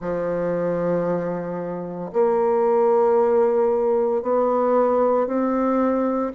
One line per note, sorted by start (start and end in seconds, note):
0.00 2.11 F3
2.12 4.22 A#3
4.22 5.26 B3
5.26 6.32 C4